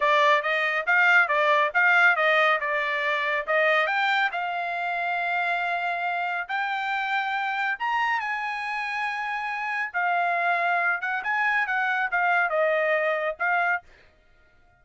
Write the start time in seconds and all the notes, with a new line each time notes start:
0.00 D5
0.42 D#5
0.86 F5
1.28 D5
1.74 F5
2.16 D#5
2.60 D5
3.46 D#5
3.86 G5
4.32 F5
6.48 G5
7.79 A#5
8.20 G#5
9.93 F5
11.01 F#5
11.23 G#5
11.66 F#5
12.11 F5
12.49 D#5
13.39 F5